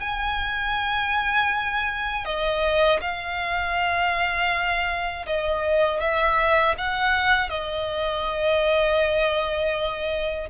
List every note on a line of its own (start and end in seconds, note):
0.00 2.25 G#5
2.25 3.00 D#5
3.00 5.25 F5
5.26 6.00 D#5
6.00 6.75 E5
6.77 7.49 F#5
7.49 10.49 D#5